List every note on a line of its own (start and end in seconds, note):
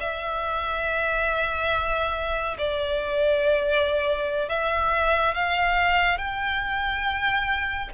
0.00 2.57 E5
2.58 4.49 D5
4.49 5.35 E5
5.35 6.18 F5
6.18 7.90 G5